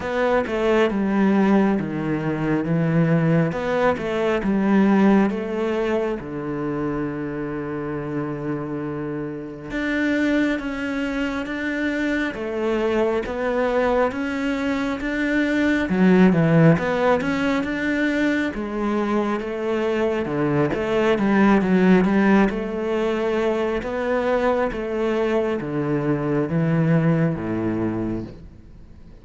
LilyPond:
\new Staff \with { instrumentName = "cello" } { \time 4/4 \tempo 4 = 68 b8 a8 g4 dis4 e4 | b8 a8 g4 a4 d4~ | d2. d'4 | cis'4 d'4 a4 b4 |
cis'4 d'4 fis8 e8 b8 cis'8 | d'4 gis4 a4 d8 a8 | g8 fis8 g8 a4. b4 | a4 d4 e4 a,4 | }